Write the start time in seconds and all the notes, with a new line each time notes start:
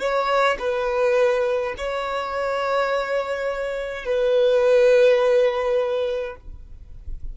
0.00 C#5
0.59 B4
1.77 C#5
4.05 B4